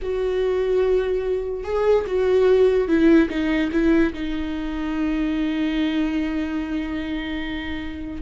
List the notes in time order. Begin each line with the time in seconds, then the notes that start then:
0.02 F#4
1.64 G#4
2.07 F#4
2.87 E4
3.29 D#4
3.72 E4
4.13 D#4